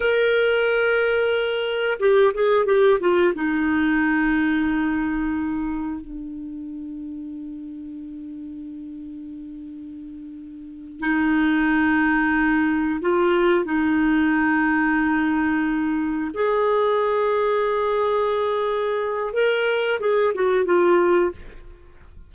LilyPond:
\new Staff \with { instrumentName = "clarinet" } { \time 4/4 \tempo 4 = 90 ais'2. g'8 gis'8 | g'8 f'8 dis'2.~ | dis'4 d'2.~ | d'1~ |
d'8 dis'2. f'8~ | f'8 dis'2.~ dis'8~ | dis'8 gis'2.~ gis'8~ | gis'4 ais'4 gis'8 fis'8 f'4 | }